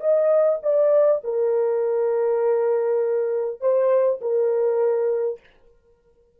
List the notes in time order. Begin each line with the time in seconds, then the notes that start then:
0.00 D#5
0.63 D5
1.24 A#4
3.61 C5
4.21 A#4